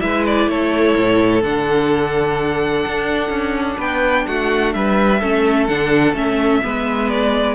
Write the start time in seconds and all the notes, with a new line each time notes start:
0.00 G#3 E4 B4 E5
0.26 D5
0.47 A3 A4 C#5
0.96 A2
1.42 D3 D4 F#5
2.86 D4
3.29 C#4
3.77 B3 B4 G5
4.26 A3 F#4 F#5
4.73 G3 B4 E5
5.20 A3 C#4 A4
5.66 D3 D4 F#5
6.13 A3 C#4 E5
6.61 G#3 B3 B4
7.09 D5